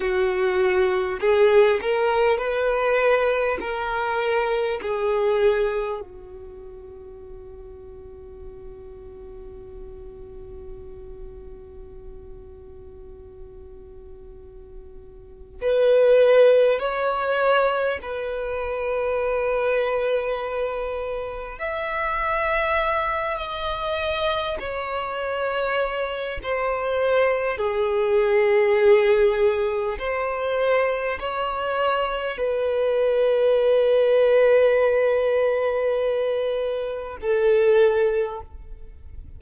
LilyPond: \new Staff \with { instrumentName = "violin" } { \time 4/4 \tempo 4 = 50 fis'4 gis'8 ais'8 b'4 ais'4 | gis'4 fis'2.~ | fis'1~ | fis'4 b'4 cis''4 b'4~ |
b'2 e''4. dis''8~ | dis''8 cis''4. c''4 gis'4~ | gis'4 c''4 cis''4 b'4~ | b'2. a'4 | }